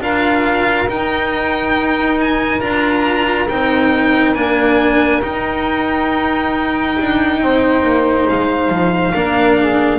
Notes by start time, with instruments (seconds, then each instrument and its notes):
0.00 double bass D4, cello F4, saxophone A#4, violin F5
0.87 double bass D#4, cello D#4, violin G5
2.20 violin G#5
2.61 double bass D4, cello F4, violin A#5
3.49 double bass C4, cello D#4, violin G5
4.34 double bass A#3, cello D4, violin G#5
5.22 cello D#4, double bass D#4, violin G5
7.00 double bass D4
7.41 double bass C4, saxophone C5
7.83 double bass A#3
8.29 double bass G#3, violin F5
8.69 double bass F3
9.14 double bass A#3, cello D4, saxophone A#4
9.59 saxophone G#4